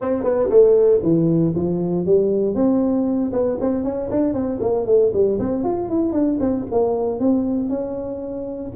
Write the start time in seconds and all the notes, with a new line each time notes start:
0.01 C4
0.23 B3
0.49 A3
1.02 E3
1.55 F3
2.05 G3
2.55 C4
3.32 B3
3.60 C4
3.83 C#4
4.10 D4
4.33 C4
4.60 A#3
4.86 A3
5.13 G3
5.39 C4
5.63 F4
5.89 E4
6.12 D4
6.40 C4
6.71 A#3
7.19 C4
7.69 C#4